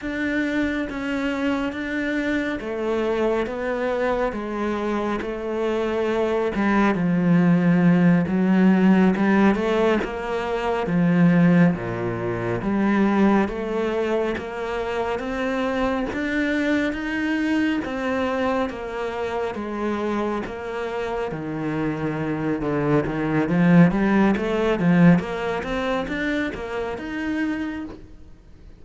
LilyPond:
\new Staff \with { instrumentName = "cello" } { \time 4/4 \tempo 4 = 69 d'4 cis'4 d'4 a4 | b4 gis4 a4. g8 | f4. fis4 g8 a8 ais8~ | ais8 f4 ais,4 g4 a8~ |
a8 ais4 c'4 d'4 dis'8~ | dis'8 c'4 ais4 gis4 ais8~ | ais8 dis4. d8 dis8 f8 g8 | a8 f8 ais8 c'8 d'8 ais8 dis'4 | }